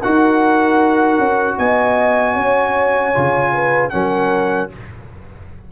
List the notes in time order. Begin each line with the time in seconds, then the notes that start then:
0.00 D#4 F#4 A#4 F#5
1.19 C#4
1.58 B3 D#5 G#5
2.34 C#4 C#5
3.14 C#3 F4
3.53 B4
3.90 F#3 C#4 A#4 F#5